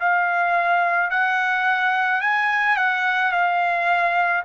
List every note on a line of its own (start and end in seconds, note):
0.00 1.11 F5
1.11 2.21 F#5
2.21 2.77 G#5
2.77 3.32 F#5
3.32 4.43 F5